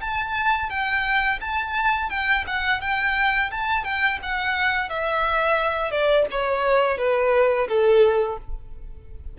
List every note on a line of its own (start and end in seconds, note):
0.00 0.69 A5
0.69 1.39 G5
1.40 2.09 A5
2.09 2.44 G5
2.47 2.81 F#5
2.81 3.50 G5
3.51 3.84 A5
3.84 4.19 G5
4.22 4.89 F#5
4.89 5.90 E5
5.90 6.25 D5
6.30 6.98 C#5
6.98 7.67 B4
7.68 8.38 A4